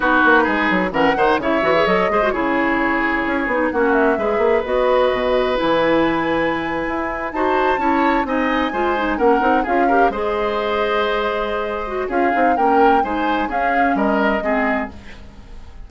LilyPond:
<<
  \new Staff \with { instrumentName = "flute" } { \time 4/4 \tempo 4 = 129 b'2 fis''4 e''4 | dis''4 cis''2. | fis''8 e''4. dis''2 | gis''2.~ gis''8. a''16~ |
a''4.~ a''16 gis''2 fis''16~ | fis''8. f''4 dis''2~ dis''16~ | dis''2 f''4 g''4 | gis''4 f''4 dis''2 | }
  \new Staff \with { instrumentName = "oboe" } { \time 4/4 fis'4 gis'4 ais'8 c''8 cis''4~ | cis''8 c''8 gis'2. | fis'4 b'2.~ | b'2.~ b'8. c''16~ |
c''8. cis''4 dis''4 c''4 ais'16~ | ais'8. gis'8 ais'8 c''2~ c''16~ | c''2 gis'4 ais'4 | c''4 gis'4 ais'4 gis'4 | }
  \new Staff \with { instrumentName = "clarinet" } { \time 4/4 dis'2 cis'8 dis'8 e'8 fis'16 gis'16 | a'8 gis'16 fis'16 e'2~ e'8 dis'8 | cis'4 gis'4 fis'2 | e'2.~ e'8. fis'16~ |
fis'8. e'4 dis'4 f'8 dis'8 cis'16~ | cis'16 dis'8 f'8 g'8 gis'2~ gis'16~ | gis'4. fis'8 f'8 dis'8 cis'4 | dis'4 cis'2 c'4 | }
  \new Staff \with { instrumentName = "bassoon" } { \time 4/4 b8 ais8 gis8 fis8 e8 dis8 cis8 e8 | fis8 gis8 cis2 cis'8 b8 | ais4 gis8 ais8 b4 b,4 | e2~ e8. e'4 dis'16~ |
dis'8. cis'4 c'4 gis4 ais16~ | ais16 c'8 cis'4 gis2~ gis16~ | gis2 cis'8 c'8 ais4 | gis4 cis'4 g4 gis4 | }
>>